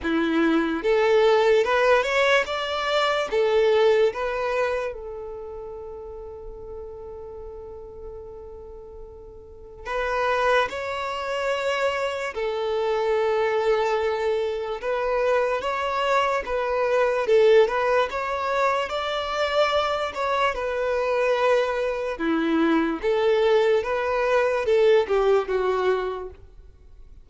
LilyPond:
\new Staff \with { instrumentName = "violin" } { \time 4/4 \tempo 4 = 73 e'4 a'4 b'8 cis''8 d''4 | a'4 b'4 a'2~ | a'1 | b'4 cis''2 a'4~ |
a'2 b'4 cis''4 | b'4 a'8 b'8 cis''4 d''4~ | d''8 cis''8 b'2 e'4 | a'4 b'4 a'8 g'8 fis'4 | }